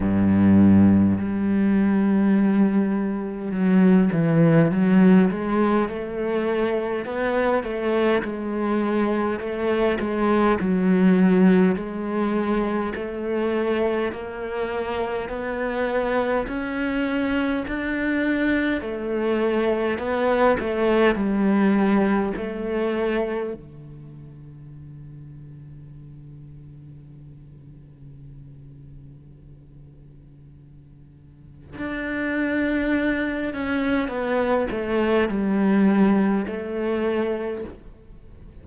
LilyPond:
\new Staff \with { instrumentName = "cello" } { \time 4/4 \tempo 4 = 51 g,4 g2 fis8 e8 | fis8 gis8 a4 b8 a8 gis4 | a8 gis8 fis4 gis4 a4 | ais4 b4 cis'4 d'4 |
a4 b8 a8 g4 a4 | d1~ | d2. d'4~ | d'8 cis'8 b8 a8 g4 a4 | }